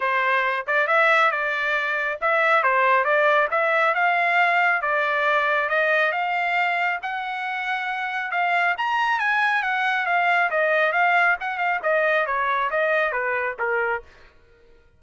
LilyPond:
\new Staff \with { instrumentName = "trumpet" } { \time 4/4 \tempo 4 = 137 c''4. d''8 e''4 d''4~ | d''4 e''4 c''4 d''4 | e''4 f''2 d''4~ | d''4 dis''4 f''2 |
fis''2. f''4 | ais''4 gis''4 fis''4 f''4 | dis''4 f''4 fis''8 f''8 dis''4 | cis''4 dis''4 b'4 ais'4 | }